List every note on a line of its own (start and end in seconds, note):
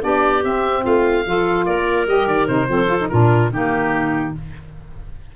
0.00 0.43 B3
0.00 0.41 D4
0.00 0.82 G4
0.00 0.43 D5
0.43 1.24 C4
0.43 0.84 C4
0.43 0.84 E5
0.82 1.25 A3
0.82 1.23 F4
0.82 1.65 F5
1.24 1.66 F3
1.24 2.06 F4
1.24 1.65 A4
1.65 2.06 A#3
1.65 2.68 A#4
1.65 2.06 D5
2.06 2.27 G3
2.06 2.47 G4
2.06 2.27 D#5
2.27 2.47 D#3
2.27 2.47 D5
2.47 2.68 C3
2.47 2.67 D#4
2.47 3.08 C5
2.68 3.09 F3
2.68 2.87 C4
2.68 3.10 A4
2.87 2.98 F4
2.99 3.09 D#4
3.08 3.50 A#2
3.08 3.51 D4
3.08 3.51 F4
3.08 3.49 A#4
3.50 4.32 D#3
3.50 4.34 A#3
3.50 4.35 D#4
3.50 4.35 G4